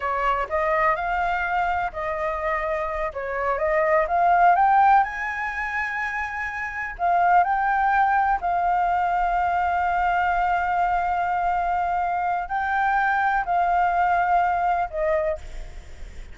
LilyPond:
\new Staff \with { instrumentName = "flute" } { \time 4/4 \tempo 4 = 125 cis''4 dis''4 f''2 | dis''2~ dis''8 cis''4 dis''8~ | dis''8 f''4 g''4 gis''4.~ | gis''2~ gis''8 f''4 g''8~ |
g''4. f''2~ f''8~ | f''1~ | f''2 g''2 | f''2. dis''4 | }